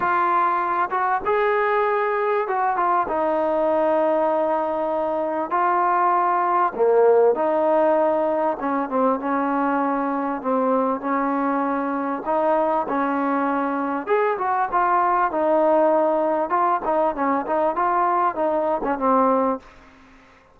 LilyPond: \new Staff \with { instrumentName = "trombone" } { \time 4/4 \tempo 4 = 98 f'4. fis'8 gis'2 | fis'8 f'8 dis'2.~ | dis'4 f'2 ais4 | dis'2 cis'8 c'8 cis'4~ |
cis'4 c'4 cis'2 | dis'4 cis'2 gis'8 fis'8 | f'4 dis'2 f'8 dis'8 | cis'8 dis'8 f'4 dis'8. cis'16 c'4 | }